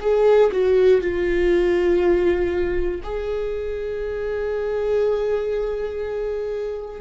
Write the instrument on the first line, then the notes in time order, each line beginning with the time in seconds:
viola
0.00 G#4
0.51 F#4
1.00 F4
3.03 G#4